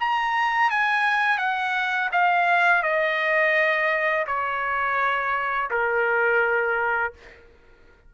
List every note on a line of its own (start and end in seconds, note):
0.00 0.71 A#5
0.71 1.38 G#5
1.38 2.10 F#5
2.12 2.83 F5
2.83 4.26 D#5
4.27 5.70 C#5
5.70 7.13 A#4